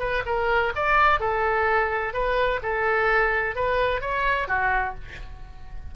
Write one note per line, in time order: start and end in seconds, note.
0.00 0.23 B4
0.26 0.73 A#4
0.76 1.20 D5
1.20 2.14 A4
2.14 2.61 B4
2.63 3.56 A4
3.56 4.01 B4
4.01 4.48 C#5
4.48 4.95 F#4